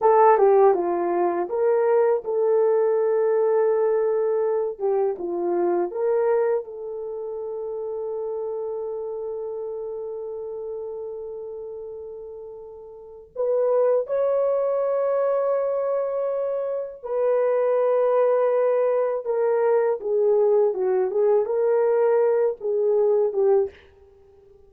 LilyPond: \new Staff \with { instrumentName = "horn" } { \time 4/4 \tempo 4 = 81 a'8 g'8 f'4 ais'4 a'4~ | a'2~ a'8 g'8 f'4 | ais'4 a'2.~ | a'1~ |
a'2 b'4 cis''4~ | cis''2. b'4~ | b'2 ais'4 gis'4 | fis'8 gis'8 ais'4. gis'4 g'8 | }